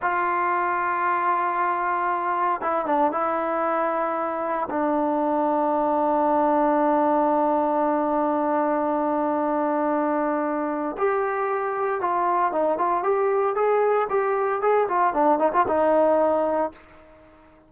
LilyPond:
\new Staff \with { instrumentName = "trombone" } { \time 4/4 \tempo 4 = 115 f'1~ | f'4 e'8 d'8 e'2~ | e'4 d'2.~ | d'1~ |
d'1~ | d'4 g'2 f'4 | dis'8 f'8 g'4 gis'4 g'4 | gis'8 f'8 d'8 dis'16 f'16 dis'2 | }